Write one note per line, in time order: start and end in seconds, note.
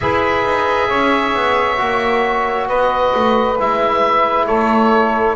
0.00 0.44 E4
0.00 1.77 G#4
0.00 0.88 B4
0.00 2.68 E5
0.44 0.89 D#4
0.88 1.35 C#4
0.88 2.67 C#5
1.35 1.79 B3
1.77 2.68 A#3
1.77 3.56 F#4
2.67 3.13 B3
2.67 4.46 B4
2.67 3.57 D#5
3.15 3.59 A3
3.59 4.48 G#3
3.59 5.36 E4
3.59 4.46 E5
4.46 5.36 A3
4.46 5.35 A4
4.46 5.36 C#5